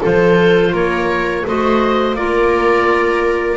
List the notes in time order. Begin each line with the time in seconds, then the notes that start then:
0.00 F3 F4 A4 C5
0.72 A#3 A#4 C#5
1.46 A3 F#4 C5 D#5
2.14 A#3 F4 A#4 D5